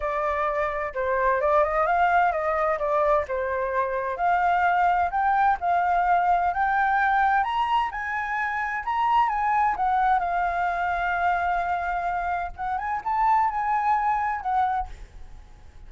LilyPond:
\new Staff \with { instrumentName = "flute" } { \time 4/4 \tempo 4 = 129 d''2 c''4 d''8 dis''8 | f''4 dis''4 d''4 c''4~ | c''4 f''2 g''4 | f''2 g''2 |
ais''4 gis''2 ais''4 | gis''4 fis''4 f''2~ | f''2. fis''8 gis''8 | a''4 gis''2 fis''4 | }